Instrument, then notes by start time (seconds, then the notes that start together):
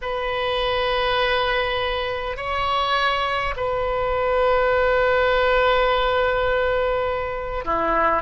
oboe
0.01 B4
2.36 C#5
3.56 B4
7.65 E4